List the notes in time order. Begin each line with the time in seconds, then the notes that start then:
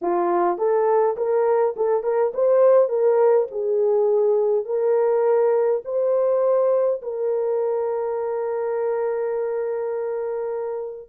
0.01 F4
0.58 A4
1.16 A#4
1.76 A4
2.03 A#4
2.34 C5
2.88 A#4
3.51 G#4
4.65 A#4
5.84 C5
7.02 A#4